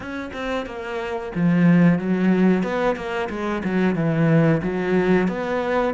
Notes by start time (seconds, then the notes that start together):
0.00 C#4
0.33 C4
0.66 A#3
1.35 F3
1.98 F#3
2.63 B3
2.96 A#3
3.29 G#3
3.64 F#3
3.95 E3
4.62 F#3
5.27 B3